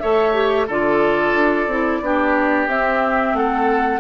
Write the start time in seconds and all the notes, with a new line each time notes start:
0.00 A3 A4 C#5 E5
0.34 G4
0.67 D3 F4 A4 D5
1.34 D4
1.67 C4 E4
2.01 B3 D4 G4
2.67 C4 E5
3.34 A3 A4 F#5